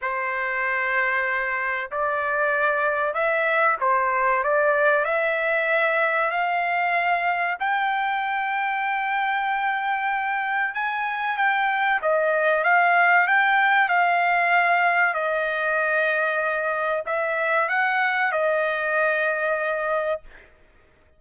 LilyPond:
\new Staff \with { instrumentName = "trumpet" } { \time 4/4 \tempo 4 = 95 c''2. d''4~ | d''4 e''4 c''4 d''4 | e''2 f''2 | g''1~ |
g''4 gis''4 g''4 dis''4 | f''4 g''4 f''2 | dis''2. e''4 | fis''4 dis''2. | }